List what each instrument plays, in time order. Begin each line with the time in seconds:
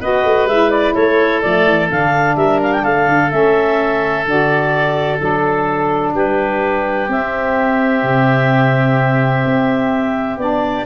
0.00 tuba B3, saxophone F#4, oboe B4, clarinet D#5
0.25 tuba A3
0.45 tuba G#3, saxophone E4, clarinet E5
0.70 clarinet D5
0.94 tuba A3, oboe A4, clarinet C#5
1.41 tuba F3, saxophone A3, clarinet D5
1.65 tuba E3
1.90 tuba D3, saxophone D4, clarinet F5
2.36 tuba G3, oboe A#4, clarinet E5
2.62 clarinet F5
2.72 clarinet G5
2.82 tuba A3, oboe A4, clarinet F5
3.08 tuba D3
3.30 tuba A3, saxophone C#4, clarinet E5
4.25 tuba D3, saxophone F#4, clarinet D5
5.18 tuba F#3, saxophone D4, clarinet A4
6.13 tuba G3, oboe G4, clarinet B4
7.08 tuba C4, saxophone C4, clarinet E5
8.02 tuba C3
9.44 tuba C4
10.37 tuba B3, saxophone D4, clarinet D5